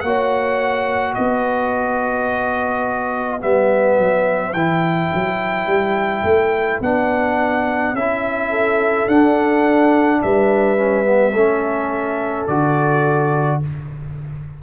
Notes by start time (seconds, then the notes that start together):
0.00 A#3 F#4 F#5
0.06 C#5
1.14 B3 B4 D#5
3.39 G3 B3 E5
3.98 F#3
4.53 E3 E4 G5
5.14 F#3
5.66 G3
6.23 A3
6.80 B3 D4 F#5
7.93 C#4 E4 E5
8.49 A4
9.07 D4 F#5
10.21 G3 B4 E5
10.76 C#4
11.04 B3
11.33 A3 C#4 A4
12.47 D3 F#4 D5